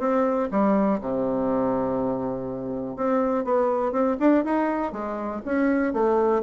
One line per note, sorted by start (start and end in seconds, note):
0.00 0.49 C4
0.51 1.01 G3
1.01 2.96 C3
2.96 3.44 C4
3.44 3.92 B3
3.92 4.17 C4
4.20 4.44 D4
4.45 4.92 D#4
4.92 5.41 G#3
5.45 5.93 C#4
5.93 6.42 A3